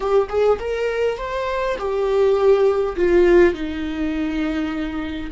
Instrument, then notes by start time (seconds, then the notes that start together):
viola
0.00 G4
0.29 G#4
0.59 A#4
1.17 C5
1.78 G4
2.96 F4
3.54 D#4